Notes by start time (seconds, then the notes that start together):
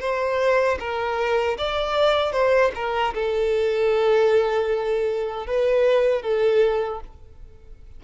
0.00 C5
0.79 A#4
1.58 D5
2.32 C5
2.75 A#4
3.14 A4
5.47 B4
6.22 A4